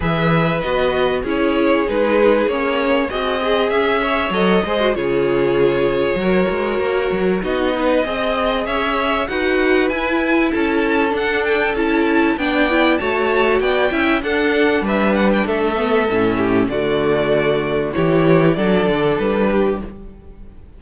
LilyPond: <<
  \new Staff \with { instrumentName = "violin" } { \time 4/4 \tempo 4 = 97 e''4 dis''4 cis''4 b'4 | cis''4 dis''4 e''4 dis''4 | cis''1 | dis''2 e''4 fis''4 |
gis''4 a''4 fis''8 g''8 a''4 | g''4 a''4 g''4 fis''4 | e''8 fis''16 g''16 e''2 d''4~ | d''4 cis''4 d''4 b'4 | }
  \new Staff \with { instrumentName = "violin" } { \time 4/4 b'2 gis'2~ | gis'4 fis'8 gis'4 cis''4 c''8 | gis'2 ais'2 | fis'8 b'8 dis''4 cis''4 b'4~ |
b'4 a'2. | d''4 cis''4 d''8 e''8 a'4 | b'4 a'4. g'8 fis'4~ | fis'4 g'4 a'4. g'8 | }
  \new Staff \with { instrumentName = "viola" } { \time 4/4 gis'4 fis'4 e'4 dis'4 | cis'4 gis'2 a'8 gis'16 fis'16 | f'2 fis'2 | dis'4 gis'2 fis'4 |
e'2 d'4 e'4 | d'8 e'8 fis'4. e'8 d'4~ | d'4. b8 cis'4 a4~ | a4 e'4 d'2 | }
  \new Staff \with { instrumentName = "cello" } { \time 4/4 e4 b4 cis'4 gis4 | ais4 c'4 cis'4 fis8 gis8 | cis2 fis8 gis8 ais8 fis8 | b4 c'4 cis'4 dis'4 |
e'4 cis'4 d'4 cis'4 | b4 a4 b8 cis'8 d'4 | g4 a4 a,4 d4~ | d4 e4 fis8 d8 g4 | }
>>